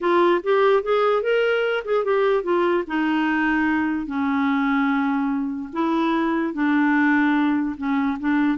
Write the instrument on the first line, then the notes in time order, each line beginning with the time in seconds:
clarinet
0.00 F4
0.43 G4
0.82 G#4
1.22 A#4
1.84 G#4
2.04 G4
2.43 F4
2.87 D#4
4.06 C#4
5.73 E4
6.53 D4
7.77 C#4
8.19 D4